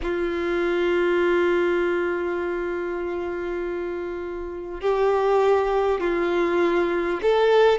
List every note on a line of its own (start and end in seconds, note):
0.02 4.81 F4
4.81 6.00 G4
6.00 7.20 F4
7.22 7.78 A4